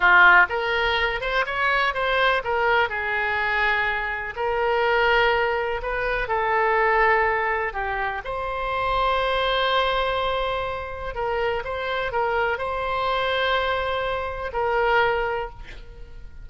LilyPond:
\new Staff \with { instrumentName = "oboe" } { \time 4/4 \tempo 4 = 124 f'4 ais'4. c''8 cis''4 | c''4 ais'4 gis'2~ | gis'4 ais'2. | b'4 a'2. |
g'4 c''2.~ | c''2. ais'4 | c''4 ais'4 c''2~ | c''2 ais'2 | }